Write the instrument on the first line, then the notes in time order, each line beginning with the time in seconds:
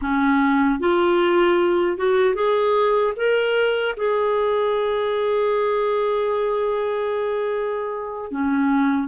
clarinet
0.01 C#4
0.79 F4
1.97 F#4
2.34 G#4
3.16 A#4
3.97 G#4
8.31 C#4